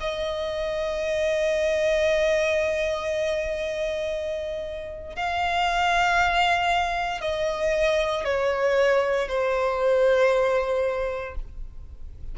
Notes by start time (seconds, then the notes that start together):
0.00 D#5
5.15 F5
7.21 D#5
8.25 C#5
9.28 C5